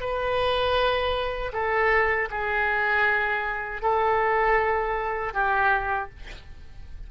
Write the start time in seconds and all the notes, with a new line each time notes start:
0.00 B4
1.53 A4
2.31 G#4
3.82 A4
5.34 G4